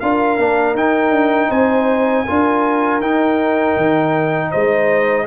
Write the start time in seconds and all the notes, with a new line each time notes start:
0.00 D4 F4 A#4 F5
0.38 A#3 D4
0.74 D#4 G5
1.10 D4
1.49 C4 C5 G#5
2.25 D4 F4 A#4
3.00 D#4 G5
3.77 D#3
4.51 G#3 C5 D#5